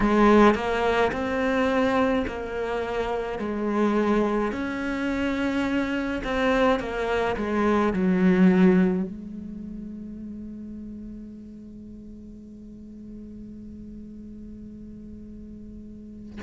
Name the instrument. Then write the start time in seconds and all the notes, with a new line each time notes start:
cello
0.00 G#3
0.55 A#3
1.12 C4
2.26 A#3
3.38 G#3
4.52 C#4
6.24 C4
6.79 A#3
7.36 G#3
7.93 F#3
9.03 G#3